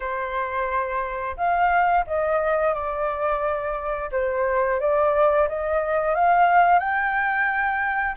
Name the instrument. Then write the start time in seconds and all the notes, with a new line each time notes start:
flute
0.00 C5
1.36 F5
2.06 D#5
2.74 D5
4.11 C5
4.79 D5
5.48 D#5
6.14 F5
6.79 G5